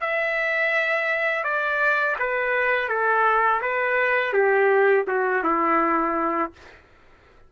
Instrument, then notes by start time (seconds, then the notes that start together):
trumpet
0.00 E5
1.43 D5
2.19 B4
2.88 A4
3.61 B4
4.32 G4
5.07 F#4
5.43 E4